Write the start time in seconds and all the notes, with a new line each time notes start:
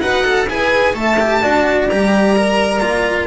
0.00 D#4 F#4 B4 F#5
0.25 A4
0.47 E4 G#4 B4 G#5
0.94 A3 A4 E5 A5
1.20 G4
1.43 D4 F#4 D5
1.89 G3 G4 A#5
2.36 A#4
2.80 A#3 F4